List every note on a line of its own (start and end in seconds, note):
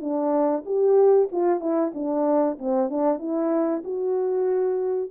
0.00 0.64 D4
0.65 1.29 G4
1.32 1.60 F4
1.60 1.92 E4
1.94 2.58 D4
2.59 2.90 C4
2.90 3.19 D4
3.19 3.82 E4
3.84 5.10 F#4